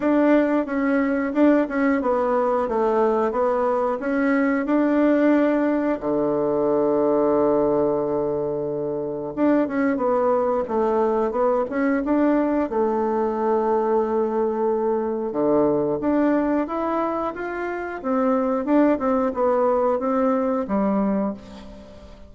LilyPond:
\new Staff \with { instrumentName = "bassoon" } { \time 4/4 \tempo 4 = 90 d'4 cis'4 d'8 cis'8 b4 | a4 b4 cis'4 d'4~ | d'4 d2.~ | d2 d'8 cis'8 b4 |
a4 b8 cis'8 d'4 a4~ | a2. d4 | d'4 e'4 f'4 c'4 | d'8 c'8 b4 c'4 g4 | }